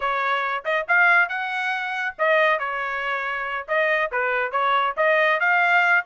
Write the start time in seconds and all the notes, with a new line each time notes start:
0.00 C#5
0.65 D#5
0.88 F5
1.28 F#5
2.18 D#5
2.59 C#5
3.67 D#5
4.11 B4
4.51 C#5
4.96 D#5
5.40 F5